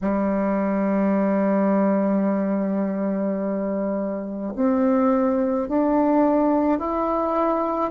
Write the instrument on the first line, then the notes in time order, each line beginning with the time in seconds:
bassoon
0.01 G3
4.55 C4
5.68 D4
6.79 E4